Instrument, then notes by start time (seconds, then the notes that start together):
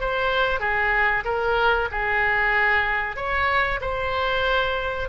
oboe
0.00 C5
0.60 G#4
1.25 A#4
1.91 G#4
3.16 C#5
3.81 C5